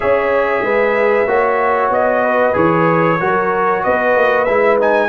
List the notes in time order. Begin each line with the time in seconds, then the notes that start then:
0.00 C#4 G#4 C#5 E5
0.61 G#3 B4
1.27 A#3 F#4 C#5
1.90 B3 D#5
2.23 B4
2.53 E3 G#4 C#5
3.19 F#3 F#4 A#4
3.83 B3 B4 D#5
4.16 A#3
4.44 G#3 E4 E5
4.80 D#4 G#5